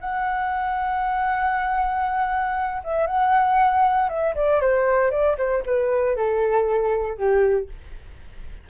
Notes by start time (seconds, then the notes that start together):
0.00 F#5
2.83 E5
3.07 F#5
4.09 E5
4.35 D5
4.60 C5
5.10 D5
5.38 C5
5.65 B4
6.16 A4
7.17 G4